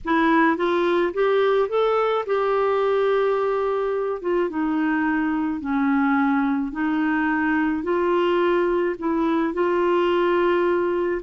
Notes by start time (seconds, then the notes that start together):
0.04 E4
0.57 F4
1.13 G4
1.68 A4
2.26 G4
4.21 F4
4.49 D#4
5.60 C#4
6.71 D#4
7.83 F4
8.99 E4
9.53 F4